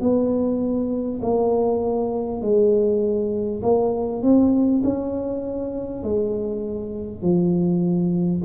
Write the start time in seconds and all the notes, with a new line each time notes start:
0.00 B3
1.22 A#3
2.42 G#3
3.62 A#3
4.22 C4
4.84 C#4
6.03 G#3
7.22 F3